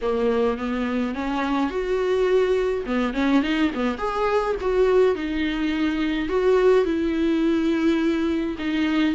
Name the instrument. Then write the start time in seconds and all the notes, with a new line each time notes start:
viola
0.01 A#3
0.57 B3
1.14 C#4
1.70 F#4
2.86 B3
3.13 C#4
3.42 D#4
3.74 B3
3.97 G#4
4.60 F#4
5.15 D#4
6.29 F#4
6.84 E4
8.58 D#4